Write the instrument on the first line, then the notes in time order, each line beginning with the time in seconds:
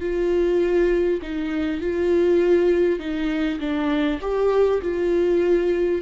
viola
0.00 F4
1.22 D#4
1.80 F4
2.99 D#4
3.59 D4
4.21 G4
4.81 F4